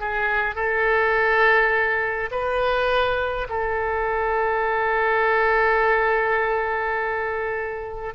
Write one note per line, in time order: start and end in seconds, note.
0.00 0.55 G#4
0.55 2.30 A4
2.31 3.48 B4
3.49 8.14 A4